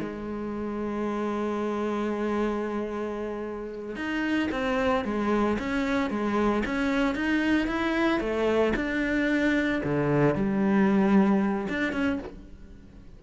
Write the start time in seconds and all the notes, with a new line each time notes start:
0.00 G#3
3.97 D#4
4.52 C4
5.05 G#3
5.59 C#4
6.11 G#3
6.66 C#4
7.15 D#4
7.68 E4
8.21 A3
8.76 D4
9.84 D3
10.35 G3
11.70 D4
11.93 C#4